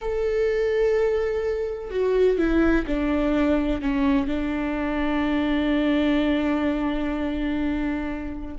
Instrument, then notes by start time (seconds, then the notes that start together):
viola
0.01 A4
1.90 F#4
2.37 E4
2.86 D4
3.81 C#4
4.27 D4